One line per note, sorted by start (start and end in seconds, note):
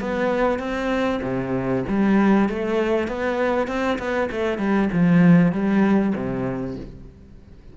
0.00 0.59 B3
0.59 1.20 C4
1.22 1.84 C3
1.88 2.49 G3
2.49 3.07 A3
3.07 3.67 B3
3.67 3.98 C4
3.98 4.29 B3
4.31 4.58 A3
4.58 4.89 G3
4.92 5.52 F3
5.52 6.13 G3
6.15 6.76 C3